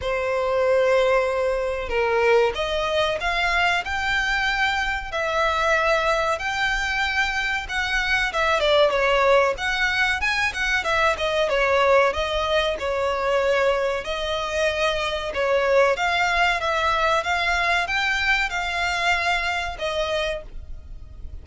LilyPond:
\new Staff \with { instrumentName = "violin" } { \time 4/4 \tempo 4 = 94 c''2. ais'4 | dis''4 f''4 g''2 | e''2 g''2 | fis''4 e''8 d''8 cis''4 fis''4 |
gis''8 fis''8 e''8 dis''8 cis''4 dis''4 | cis''2 dis''2 | cis''4 f''4 e''4 f''4 | g''4 f''2 dis''4 | }